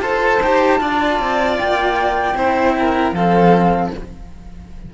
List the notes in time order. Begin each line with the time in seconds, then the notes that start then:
0.00 F4 A4 C5 A5
0.42 D#4 G4
0.79 D4 F4 D5
1.19 C4
1.58 A#3 G5
2.35 C4 E4 C5
2.79 A#4
3.12 F3 C4 A4 F5